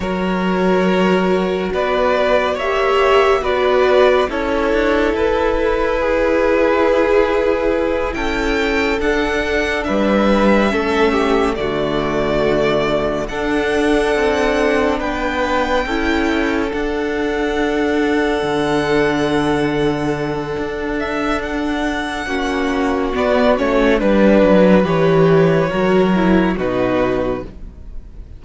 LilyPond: <<
  \new Staff \with { instrumentName = "violin" } { \time 4/4 \tempo 4 = 70 cis''2 d''4 e''4 | d''4 cis''4 b'2~ | b'4. g''4 fis''4 e''8~ | e''4. d''2 fis''8~ |
fis''4. g''2 fis''8~ | fis''1~ | fis''8 e''8 fis''2 d''8 cis''8 | b'4 cis''2 b'4 | }
  \new Staff \with { instrumentName = "violin" } { \time 4/4 ais'2 b'4 cis''4 | b'4 a'2 gis'4~ | gis'4. a'2 b'8~ | b'8 a'8 g'8 fis'2 a'8~ |
a'4. b'4 a'4.~ | a'1~ | a'2 fis'2 | b'2 ais'4 fis'4 | }
  \new Staff \with { instrumentName = "viola" } { \time 4/4 fis'2. g'4 | fis'4 e'2.~ | e'2~ e'8 d'4.~ | d'8 cis'4 a2 d'8~ |
d'2~ d'8 e'4 d'8~ | d'1~ | d'2 cis'4 b8 cis'8 | d'4 g'4 fis'8 e'8 dis'4 | }
  \new Staff \with { instrumentName = "cello" } { \time 4/4 fis2 b4 ais4 | b4 cis'8 d'8 e'2~ | e'4. cis'4 d'4 g8~ | g8 a4 d2 d'8~ |
d'8 c'4 b4 cis'4 d'8~ | d'4. d2~ d8 | d'2 ais4 b8 a8 | g8 fis8 e4 fis4 b,4 | }
>>